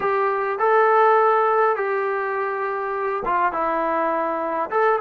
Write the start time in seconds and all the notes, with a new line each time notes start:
0.00 G4
0.58 A4
1.76 G4
3.25 F4
3.52 E4
4.70 A4